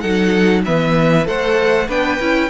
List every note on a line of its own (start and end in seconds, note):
0.00 0.66 F#3
0.00 0.65 D#4
0.00 0.63 A4
0.00 0.62 F#5
0.65 1.27 E3
0.65 1.25 B3
0.65 1.27 B4
0.65 1.27 E5
1.25 1.89 A3
1.25 1.87 A4
1.25 1.88 C5
1.25 1.89 F#5
1.88 2.19 B3
1.88 2.19 D4
1.88 2.50 B4
1.88 2.50 G5
2.20 2.50 C#4
2.20 2.50 E4